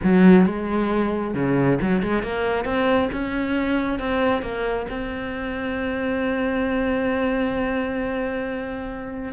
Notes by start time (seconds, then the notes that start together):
0.03 F#3
0.45 G#3
1.34 C#3
1.81 F#3
2.02 G#3
2.22 A#3
2.64 C4
3.12 C#4
3.99 C4
4.42 A#3
4.90 C4